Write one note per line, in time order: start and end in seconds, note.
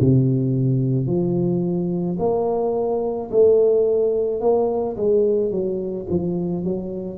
0.00 1.07 C3
1.07 2.18 F3
2.19 3.30 A#3
3.31 4.40 A3
4.40 4.96 A#3
4.96 5.51 G#3
5.51 6.07 F#3
6.10 6.64 F3
6.64 7.18 F#3